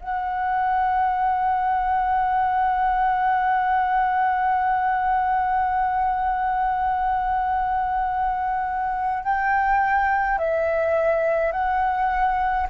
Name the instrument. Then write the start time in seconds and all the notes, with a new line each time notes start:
flute
0.00 F#5
9.24 G5
10.38 E5
11.52 F#5